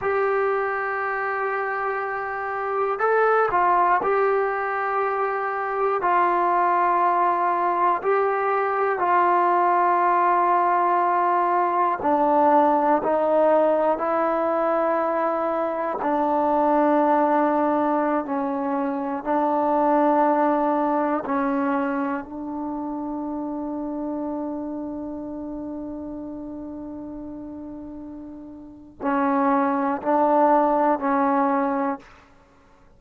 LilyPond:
\new Staff \with { instrumentName = "trombone" } { \time 4/4 \tempo 4 = 60 g'2. a'8 f'8 | g'2 f'2 | g'4 f'2. | d'4 dis'4 e'2 |
d'2~ d'16 cis'4 d'8.~ | d'4~ d'16 cis'4 d'4.~ d'16~ | d'1~ | d'4 cis'4 d'4 cis'4 | }